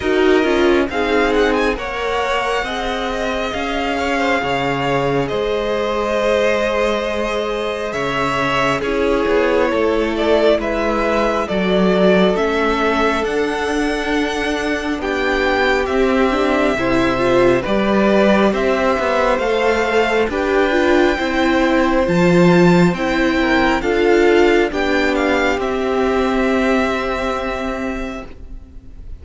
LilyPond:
<<
  \new Staff \with { instrumentName = "violin" } { \time 4/4 \tempo 4 = 68 dis''4 f''8 fis''16 gis''16 fis''2 | f''2 dis''2~ | dis''4 e''4 cis''4. d''8 | e''4 d''4 e''4 fis''4~ |
fis''4 g''4 e''2 | d''4 e''4 f''4 g''4~ | g''4 a''4 g''4 f''4 | g''8 f''8 e''2. | }
  \new Staff \with { instrumentName = "violin" } { \time 4/4 ais'4 gis'4 cis''4 dis''4~ | dis''8 cis''16 c''16 cis''4 c''2~ | c''4 cis''4 gis'4 a'4 | b'4 a'2.~ |
a'4 g'2 c''4 | b'4 c''2 b'4 | c''2~ c''8 ais'8 a'4 | g'1 | }
  \new Staff \with { instrumentName = "viola" } { \time 4/4 fis'8 f'8 dis'4 ais'4 gis'4~ | gis'1~ | gis'2 e'2~ | e'4 fis'4 cis'4 d'4~ |
d'2 c'8 d'8 e'8 f'8 | g'2 a'4 g'8 f'8 | e'4 f'4 e'4 f'4 | d'4 c'2. | }
  \new Staff \with { instrumentName = "cello" } { \time 4/4 dis'8 cis'8 c'4 ais4 c'4 | cis'4 cis4 gis2~ | gis4 cis4 cis'8 b8 a4 | gis4 fis4 a4 d'4~ |
d'4 b4 c'4 c4 | g4 c'8 b8 a4 d'4 | c'4 f4 c'4 d'4 | b4 c'2. | }
>>